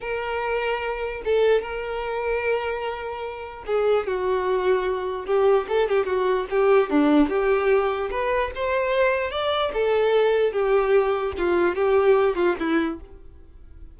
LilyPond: \new Staff \with { instrumentName = "violin" } { \time 4/4 \tempo 4 = 148 ais'2. a'4 | ais'1~ | ais'4 gis'4 fis'2~ | fis'4 g'4 a'8 g'8 fis'4 |
g'4 d'4 g'2 | b'4 c''2 d''4 | a'2 g'2 | f'4 g'4. f'8 e'4 | }